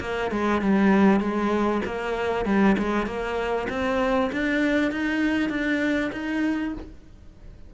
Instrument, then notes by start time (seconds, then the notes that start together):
cello
0.00 A#3
0.31 G#3
0.61 G3
1.20 G#3
1.85 A#3
2.45 G3
2.78 G#3
3.06 A#3
3.69 C4
4.32 D4
4.91 D#4
5.49 D4
6.12 D#4